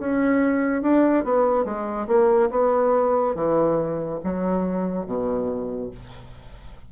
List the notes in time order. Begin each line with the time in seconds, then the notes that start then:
0.00 C#4
0.83 D4
1.25 B3
1.65 G#3
2.08 A#3
2.51 B3
3.35 E3
4.24 F#3
5.07 B2